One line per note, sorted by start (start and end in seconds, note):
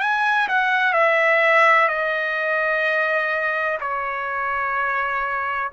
0.00 0.48 G#5
0.48 0.93 F#5
0.93 1.88 E5
1.88 3.78 D#5
3.81 5.71 C#5